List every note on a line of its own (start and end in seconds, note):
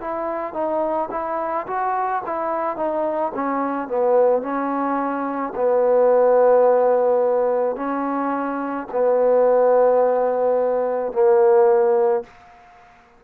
0.00 0.53 E4
0.53 1.09 D#4
1.11 1.66 E4
1.66 2.22 F#4
2.26 2.76 E4
2.76 3.32 D#4
3.34 3.88 C#4
3.88 4.42 B3
4.42 5.53 C#4
5.56 7.76 B3
7.76 8.87 C#4
8.92 11.12 B3
11.12 12.23 A#3